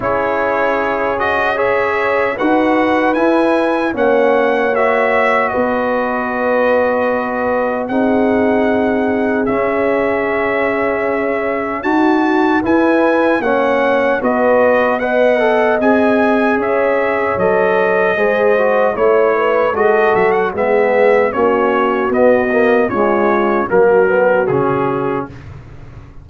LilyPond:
<<
  \new Staff \with { instrumentName = "trumpet" } { \time 4/4 \tempo 4 = 76 cis''4. dis''8 e''4 fis''4 | gis''4 fis''4 e''4 dis''4~ | dis''2 fis''2 | e''2. a''4 |
gis''4 fis''4 dis''4 fis''4 | gis''4 e''4 dis''2 | cis''4 dis''8 e''16 fis''16 e''4 cis''4 | dis''4 cis''4 ais'4 gis'4 | }
  \new Staff \with { instrumentName = "horn" } { \time 4/4 gis'2 cis''4 b'4~ | b'4 cis''2 b'4~ | b'2 gis'2~ | gis'2. fis'4 |
b'4 cis''4 b'4 dis''4~ | dis''4 cis''2 c''4 | cis''8 b'8 a'4 gis'4 fis'4~ | fis'4 f'4 fis'2 | }
  \new Staff \with { instrumentName = "trombone" } { \time 4/4 e'4. fis'8 gis'4 fis'4 | e'4 cis'4 fis'2~ | fis'2 dis'2 | cis'2. fis'4 |
e'4 cis'4 fis'4 b'8 a'8 | gis'2 a'4 gis'8 fis'8 | e'4 fis'4 b4 cis'4 | b8 ais8 gis4 ais8 b8 cis'4 | }
  \new Staff \with { instrumentName = "tuba" } { \time 4/4 cis'2. dis'4 | e'4 ais2 b4~ | b2 c'2 | cis'2. dis'4 |
e'4 ais4 b2 | c'4 cis'4 fis4 gis4 | a4 gis8 fis8 gis4 ais4 | b4 cis'4 fis4 cis4 | }
>>